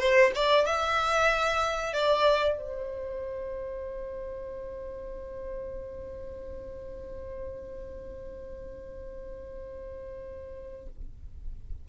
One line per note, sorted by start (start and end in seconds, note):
0.00 0.32 C5
0.36 0.66 D5
0.66 1.94 E5
1.94 2.58 D5
2.58 10.87 C5